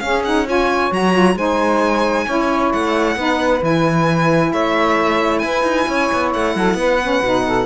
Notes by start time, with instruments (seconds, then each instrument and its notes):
0.00 saxophone C#4 G#4, cello C#4, violin F5
0.25 saxophone D#4, violin F#5
0.46 saxophone F4 C#5, violin G#5
0.92 cello F#3, saxophone F#4, violin A#5
1.13 saxophone F4
1.36 cello G#3, saxophone D#4 C5, violin G#5
2.27 cello C#4, saxophone E4 C#5
2.73 cello A3, violin F#5
3.17 cello B3, saxophone D#4 B4
3.61 cello E3, saxophone E4, violin G#5
4.52 cello A3, saxophone C#5, violin E5
5.39 cello E4, saxophone B4, violin G#5
5.63 cello D#4
5.88 cello C#4, saxophone C#5
6.13 cello B3
6.34 cello A3, violin F#5
6.56 cello F#3, saxophone A4
6.75 cello B3, saxophone B4
7.02 saxophone C#4
7.22 cello B2, saxophone D#4
7.47 saxophone A4